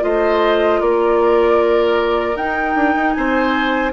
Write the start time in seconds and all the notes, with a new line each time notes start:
0.00 A3 F4 C5 D#5
0.80 A#3 A#4 D5
2.35 D#4 G5
2.75 D4
2.95 D#4
3.12 C4 C5 G#5